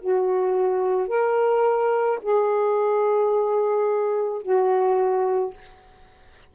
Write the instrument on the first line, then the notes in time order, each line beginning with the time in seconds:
saxophone
0.00 F#4
1.08 A#4
2.22 G#4
4.42 F#4